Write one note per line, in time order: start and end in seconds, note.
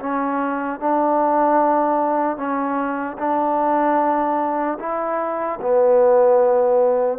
0.00 0.80 C#4
0.80 2.37 D4
2.37 3.17 C#4
3.18 4.78 D4
4.80 5.60 E4
5.61 7.19 B3